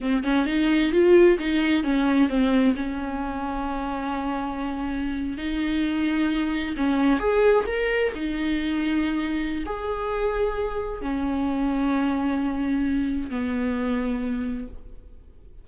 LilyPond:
\new Staff \with { instrumentName = "viola" } { \time 4/4 \tempo 4 = 131 c'8 cis'8 dis'4 f'4 dis'4 | cis'4 c'4 cis'2~ | cis'2.~ cis'8. dis'16~ | dis'2~ dis'8. cis'4 gis'16~ |
gis'8. ais'4 dis'2~ dis'16~ | dis'4 gis'2. | cis'1~ | cis'4 b2. | }